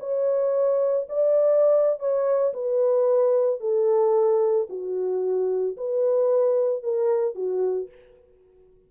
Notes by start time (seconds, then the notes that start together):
0.00 C#5
1.09 D5
2.00 C#5
2.53 B4
3.60 A4
4.70 F#4
5.77 B4
6.83 A#4
7.35 F#4